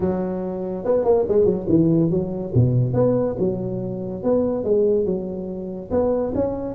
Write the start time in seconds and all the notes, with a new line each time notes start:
0.00 F#3
0.85 B3
1.04 A#3
1.28 G#3
1.45 F#3
1.69 E3
2.10 F#3
2.54 B2
2.93 B3
3.38 F#3
4.23 B3
4.64 G#3
5.05 F#3
5.90 B3
6.35 C#4